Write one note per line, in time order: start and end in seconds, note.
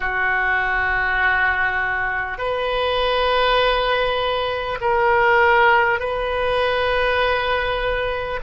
0.00 2.38 F#4
2.38 4.78 B4
4.81 5.99 A#4
5.99 8.39 B4